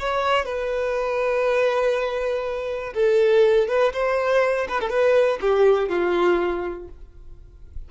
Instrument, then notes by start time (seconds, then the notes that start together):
violin
0.00 C#5
0.46 B4
2.95 A4
3.68 B4
3.94 C5
4.69 B4
4.81 A4
4.90 B4
5.41 G4
5.89 F4